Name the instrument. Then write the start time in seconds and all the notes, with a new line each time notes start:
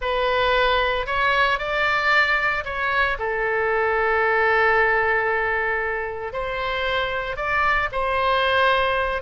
oboe
0.01 B4
1.06 C#5
1.58 D5
2.65 C#5
3.18 A4
6.32 C5
7.36 D5
7.92 C5